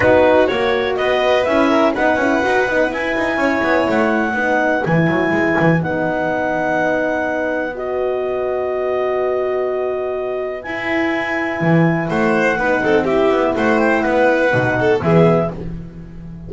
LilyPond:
<<
  \new Staff \with { instrumentName = "clarinet" } { \time 4/4 \tempo 4 = 124 b'4 cis''4 dis''4 e''4 | fis''2 gis''2 | fis''2 gis''2 | fis''1 |
dis''1~ | dis''2 gis''2~ | gis''4 fis''2 e''4 | fis''8 g''8 fis''2 e''4 | }
  \new Staff \with { instrumentName = "violin" } { \time 4/4 fis'2 b'4. ais'8 | b'2. cis''4~ | cis''4 b'2.~ | b'1~ |
b'1~ | b'1~ | b'4 c''4 b'8 a'8 g'4 | c''4 b'4. a'8 gis'4 | }
  \new Staff \with { instrumentName = "horn" } { \time 4/4 dis'4 fis'2 e'4 | dis'8 e'8 fis'8 dis'8 e'2~ | e'4 dis'4 e'2 | dis'1 |
fis'1~ | fis'2 e'2~ | e'2 dis'4 e'4~ | e'2 dis'4 b4 | }
  \new Staff \with { instrumentName = "double bass" } { \time 4/4 b4 ais4 b4 cis'4 | b8 cis'8 dis'8 b8 e'8 dis'8 cis'8 b8 | a4 b4 e8 fis8 gis8 e8 | b1~ |
b1~ | b2 e'2 | e4 a4 b8 c'4 b8 | a4 b4 b,4 e4 | }
>>